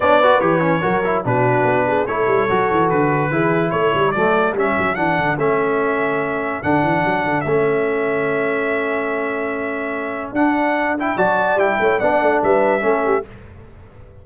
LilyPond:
<<
  \new Staff \with { instrumentName = "trumpet" } { \time 4/4 \tempo 4 = 145 d''4 cis''2 b'4~ | b'4 cis''2 b'4~ | b'4 cis''4 d''4 e''4 | fis''4 e''2. |
fis''2 e''2~ | e''1~ | e''4 fis''4. g''8 a''4 | g''4 fis''4 e''2 | }
  \new Staff \with { instrumentName = "horn" } { \time 4/4 cis''8 b'4. ais'4 fis'4~ | fis'8 gis'8 a'2. | gis'4 a'2.~ | a'1~ |
a'1~ | a'1~ | a'2. d''4~ | d''8 cis''8 d''4 b'4 a'8 g'8 | }
  \new Staff \with { instrumentName = "trombone" } { \time 4/4 d'8 fis'8 g'8 cis'8 fis'8 e'8 d'4~ | d'4 e'4 fis'2 | e'2 a4 cis'4 | d'4 cis'2. |
d'2 cis'2~ | cis'1~ | cis'4 d'4. e'8 fis'4 | e'4 d'2 cis'4 | }
  \new Staff \with { instrumentName = "tuba" } { \time 4/4 b4 e4 fis4 b,4 | b4 a8 g8 fis8 e8 d4 | e4 a8 g8 fis4 g8 fis8 | e8 d8 a2. |
d8 e8 fis8 d8 a2~ | a1~ | a4 d'2 fis4 | g8 a8 b8 a8 g4 a4 | }
>>